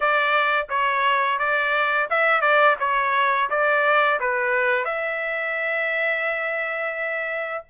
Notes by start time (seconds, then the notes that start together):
0.00 D5
0.69 C#5
1.38 D5
2.09 E5
2.41 D5
2.79 C#5
3.49 D5
4.20 B4
4.85 E5